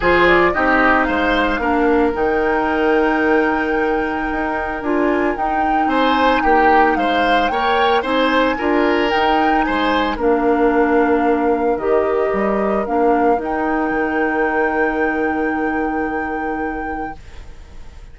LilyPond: <<
  \new Staff \with { instrumentName = "flute" } { \time 4/4 \tempo 4 = 112 c''8 d''8 dis''4 f''2 | g''1~ | g''4 gis''4 g''4 gis''4 | g''4 f''4 g''4 gis''4~ |
gis''4 g''4 gis''4 f''4~ | f''2 dis''2 | f''4 g''2.~ | g''1 | }
  \new Staff \with { instrumentName = "oboe" } { \time 4/4 gis'4 g'4 c''4 ais'4~ | ais'1~ | ais'2. c''4 | g'4 c''4 cis''4 c''4 |
ais'2 c''4 ais'4~ | ais'1~ | ais'1~ | ais'1 | }
  \new Staff \with { instrumentName = "clarinet" } { \time 4/4 f'4 dis'2 d'4 | dis'1~ | dis'4 f'4 dis'2~ | dis'2 ais'4 dis'4 |
f'4 dis'2 d'4~ | d'2 g'2 | d'4 dis'2.~ | dis'1 | }
  \new Staff \with { instrumentName = "bassoon" } { \time 4/4 f4 c'4 gis4 ais4 | dis1 | dis'4 d'4 dis'4 c'4 | ais4 gis4 ais4 c'4 |
d'4 dis'4 gis4 ais4~ | ais2 dis4 g4 | ais4 dis'4 dis2~ | dis1 | }
>>